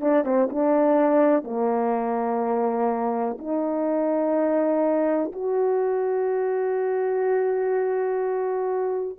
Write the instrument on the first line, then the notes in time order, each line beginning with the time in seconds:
horn
0.00 D4
0.24 C4
0.49 D4
1.43 A#3
3.38 D#4
5.32 F#4